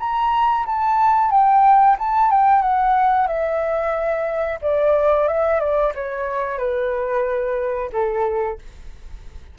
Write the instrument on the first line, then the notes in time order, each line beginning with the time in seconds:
flute
0.00 A#5
0.67 A5
1.31 G5
1.99 A5
2.31 G5
2.62 F#5
3.27 E5
4.62 D5
5.28 E5
5.60 D5
5.95 C#5
6.58 B4
7.92 A4